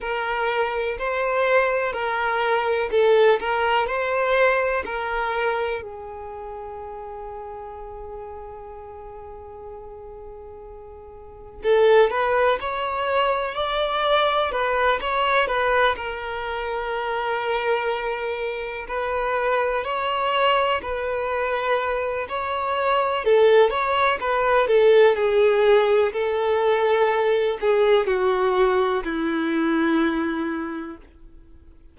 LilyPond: \new Staff \with { instrumentName = "violin" } { \time 4/4 \tempo 4 = 62 ais'4 c''4 ais'4 a'8 ais'8 | c''4 ais'4 gis'2~ | gis'1 | a'8 b'8 cis''4 d''4 b'8 cis''8 |
b'8 ais'2. b'8~ | b'8 cis''4 b'4. cis''4 | a'8 cis''8 b'8 a'8 gis'4 a'4~ | a'8 gis'8 fis'4 e'2 | }